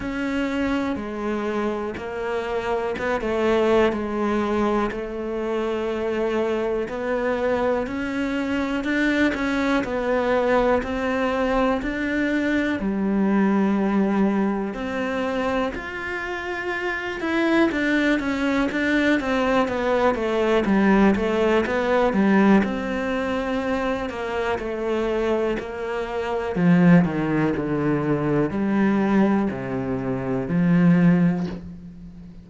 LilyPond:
\new Staff \with { instrumentName = "cello" } { \time 4/4 \tempo 4 = 61 cis'4 gis4 ais4 b16 a8. | gis4 a2 b4 | cis'4 d'8 cis'8 b4 c'4 | d'4 g2 c'4 |
f'4. e'8 d'8 cis'8 d'8 c'8 | b8 a8 g8 a8 b8 g8 c'4~ | c'8 ais8 a4 ais4 f8 dis8 | d4 g4 c4 f4 | }